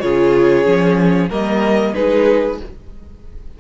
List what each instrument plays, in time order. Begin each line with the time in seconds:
0.00 cello C#3, viola F4, violin G#4 C#5
0.64 cello F3, viola C#4
1.29 cello G3, viola A#3, violin A#4 D#5
1.94 cello G#3, viola D#4, violin G#4 B4